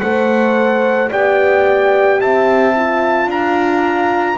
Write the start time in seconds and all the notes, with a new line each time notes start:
0.00 A3 A4 C5 F#5
1.10 B3 G4 D5 G5
2.20 C4 E5 A5
2.75 F4
3.26 D4 F5 A#5